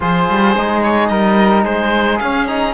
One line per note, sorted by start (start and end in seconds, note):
0.00 0.29 F3
0.00 0.55 F4
0.00 1.10 G#4
0.00 0.83 C5
0.29 0.56 G3
0.56 1.09 G#3
0.56 2.22 D#4
0.83 1.07 C#5
1.07 1.64 G3
1.07 1.63 A#4
1.07 1.62 D#5
1.63 2.19 G#3
1.63 2.74 G#4
1.63 2.19 C5
2.19 2.74 C#4
2.19 2.47 C#4
2.19 2.46 F5
2.47 2.74 D#4
2.47 2.74 A#5